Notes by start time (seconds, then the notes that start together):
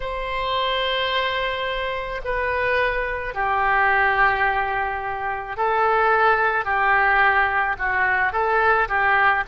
0.00 C5
2.24 B4
3.34 G4
5.57 A4
6.65 G4
7.78 F#4
8.32 A4
8.88 G4